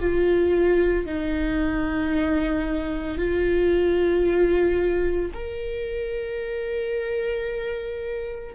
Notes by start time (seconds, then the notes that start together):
0.00 F4
1.06 D#4
3.19 F4
5.34 A#4